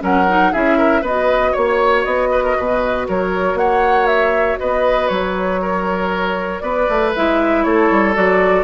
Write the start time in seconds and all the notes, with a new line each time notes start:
0.00 F#3 C#4 A#4 F#5
0.29 D#4
0.53 C#4 E4 G#4 E5
0.78 A#4
1.02 B3 F#4 B4 D#5
1.52 A#3 C#5
2.05 B3 D#5
2.32 B4
2.44 A#4
2.57 B2 B4
3.08 F#3 A#4 C#5
3.54 A#3 C#5 F#5
4.07 E5
4.59 B3 B4 D#5
5.09 F#3 C#5
5.62 A#4
6.60 B3 B4 D5
6.90 A3
7.16 G#3 E4 E5
7.64 A3 A4 C#5
7.91 G3
8.15 F#3 F#4 D5